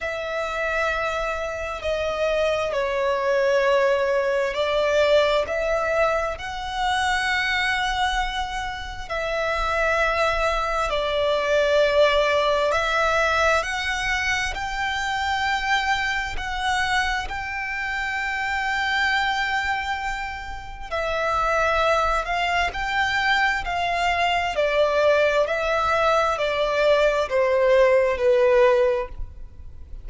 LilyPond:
\new Staff \with { instrumentName = "violin" } { \time 4/4 \tempo 4 = 66 e''2 dis''4 cis''4~ | cis''4 d''4 e''4 fis''4~ | fis''2 e''2 | d''2 e''4 fis''4 |
g''2 fis''4 g''4~ | g''2. e''4~ | e''8 f''8 g''4 f''4 d''4 | e''4 d''4 c''4 b'4 | }